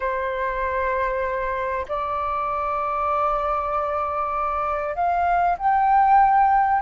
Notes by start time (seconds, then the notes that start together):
0.00 C5
1.88 D5
4.95 F5
5.58 G5